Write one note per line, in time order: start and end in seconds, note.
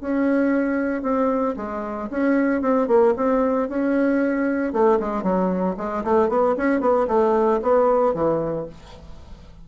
0.00 1.02 C#4
1.02 1.55 C4
1.56 2.09 G#3
2.10 2.61 C#4
2.61 2.87 C4
2.87 3.14 A#3
3.16 3.69 C4
3.69 4.72 C#4
4.72 4.99 A3
4.99 5.23 G#3
5.23 5.75 F#3
5.77 6.03 G#3
6.04 6.28 A3
6.28 6.55 B3
6.57 6.80 C#4
6.80 7.06 B3
7.07 7.60 A3
7.62 8.14 B3
8.14 8.66 E3